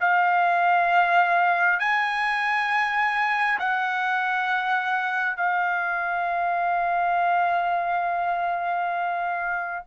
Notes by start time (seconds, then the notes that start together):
0.00 F5
1.79 G#5
3.59 F#5
5.36 F5